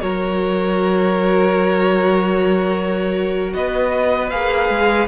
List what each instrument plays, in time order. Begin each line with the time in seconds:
0.00 cello F#3, viola F#4, violin A#4 C#5
3.53 cello B3, violin B4 D#5
4.30 cello A#3, viola G#4, violin F5
4.69 cello G#3